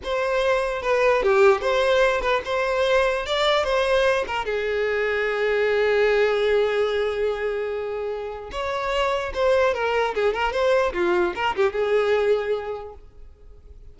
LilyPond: \new Staff \with { instrumentName = "violin" } { \time 4/4 \tempo 4 = 148 c''2 b'4 g'4 | c''4. b'8 c''2 | d''4 c''4. ais'8 gis'4~ | gis'1~ |
gis'1~ | gis'4 cis''2 c''4 | ais'4 gis'8 ais'8 c''4 f'4 | ais'8 g'8 gis'2. | }